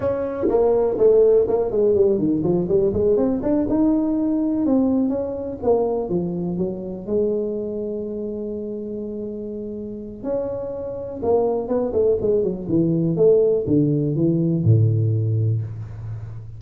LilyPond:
\new Staff \with { instrumentName = "tuba" } { \time 4/4 \tempo 4 = 123 cis'4 ais4 a4 ais8 gis8 | g8 dis8 f8 g8 gis8 c'8 d'8 dis'8~ | dis'4. c'4 cis'4 ais8~ | ais8 f4 fis4 gis4.~ |
gis1~ | gis4 cis'2 ais4 | b8 a8 gis8 fis8 e4 a4 | d4 e4 a,2 | }